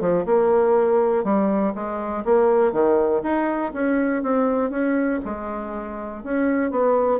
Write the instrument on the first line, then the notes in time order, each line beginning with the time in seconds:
bassoon
0.00 F3
0.25 A#3
1.24 G3
1.74 G#3
2.25 A#3
2.72 D#3
3.23 D#4
3.73 C#4
4.22 C4
4.70 C#4
5.24 G#3
6.23 C#4
6.71 B3